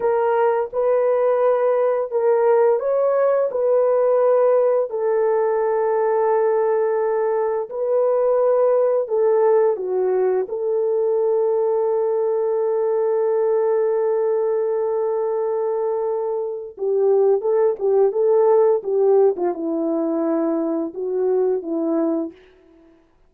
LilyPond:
\new Staff \with { instrumentName = "horn" } { \time 4/4 \tempo 4 = 86 ais'4 b'2 ais'4 | cis''4 b'2 a'4~ | a'2. b'4~ | b'4 a'4 fis'4 a'4~ |
a'1~ | a'1 | g'4 a'8 g'8 a'4 g'8. f'16 | e'2 fis'4 e'4 | }